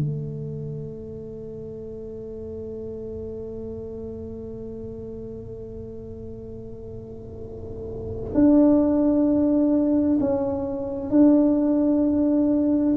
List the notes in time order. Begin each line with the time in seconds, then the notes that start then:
0.00 A3
8.34 D4
10.20 C#4
11.11 D4